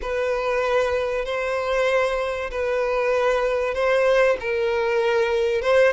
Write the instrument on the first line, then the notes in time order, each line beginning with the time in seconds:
violin
0.01 B4
1.25 C5
2.50 B4
3.74 C5
4.40 A#4
5.61 C5